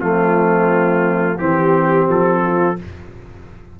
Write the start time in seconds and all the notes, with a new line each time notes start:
0.00 F3 A3 C4 F4
1.35 E3 C4 G4
2.09 F3 A4
2.43 F4